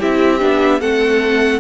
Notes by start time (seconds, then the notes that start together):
0.00 C4 E4 G4 E5
0.40 B3 D4
0.81 A3 C4 A4 F#5